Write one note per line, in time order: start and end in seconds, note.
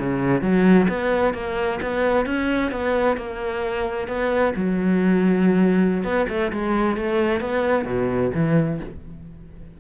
0.00 0.42 C#3
0.42 0.88 F#3
0.89 1.34 B3
1.34 1.80 A#3
1.82 2.26 B3
2.26 2.72 C#4
2.72 3.17 B3
3.17 4.08 A#3
4.08 4.54 B3
4.56 6.04 F#3
6.04 6.27 B3
6.29 6.52 A3
6.53 6.97 G#3
6.97 7.41 A3
7.41 7.85 B3
7.85 8.31 B2
8.35 8.80 E3